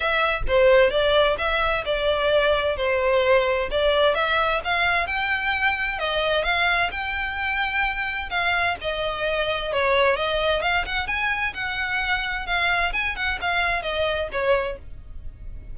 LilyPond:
\new Staff \with { instrumentName = "violin" } { \time 4/4 \tempo 4 = 130 e''4 c''4 d''4 e''4 | d''2 c''2 | d''4 e''4 f''4 g''4~ | g''4 dis''4 f''4 g''4~ |
g''2 f''4 dis''4~ | dis''4 cis''4 dis''4 f''8 fis''8 | gis''4 fis''2 f''4 | gis''8 fis''8 f''4 dis''4 cis''4 | }